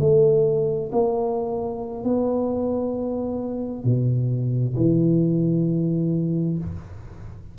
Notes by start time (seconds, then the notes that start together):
0.00 A3
0.92 A#3
2.04 B3
3.84 B2
4.76 E3